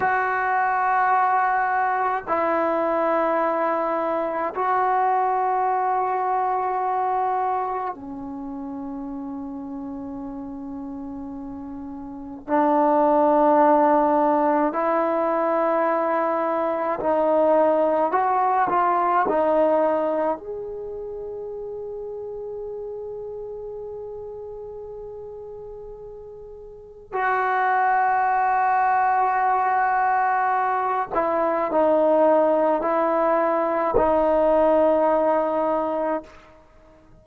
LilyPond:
\new Staff \with { instrumentName = "trombone" } { \time 4/4 \tempo 4 = 53 fis'2 e'2 | fis'2. cis'4~ | cis'2. d'4~ | d'4 e'2 dis'4 |
fis'8 f'8 dis'4 gis'2~ | gis'1 | fis'2.~ fis'8 e'8 | dis'4 e'4 dis'2 | }